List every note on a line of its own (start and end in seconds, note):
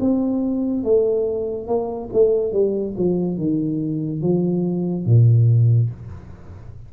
0.00 0.83 C4
0.83 1.67 A3
1.67 2.09 A#3
2.12 2.52 A3
2.52 2.95 G3
2.97 3.37 F3
3.37 4.21 D#3
4.21 5.06 F3
5.06 5.90 A#2